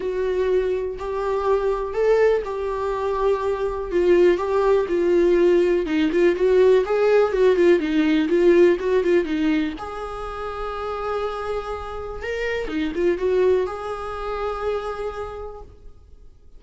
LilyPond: \new Staff \with { instrumentName = "viola" } { \time 4/4 \tempo 4 = 123 fis'2 g'2 | a'4 g'2. | f'4 g'4 f'2 | dis'8 f'8 fis'4 gis'4 fis'8 f'8 |
dis'4 f'4 fis'8 f'8 dis'4 | gis'1~ | gis'4 ais'4 dis'8 f'8 fis'4 | gis'1 | }